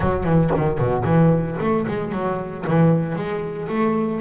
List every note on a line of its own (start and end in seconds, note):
0.00 0.24 F#3
0.24 0.50 E3
0.56 0.78 D#3
0.78 1.04 B2
1.04 1.57 E3
1.59 1.86 A3
1.87 2.12 G#3
2.12 2.64 F#3
2.67 3.15 E3
3.15 3.68 G#3
3.68 4.21 A3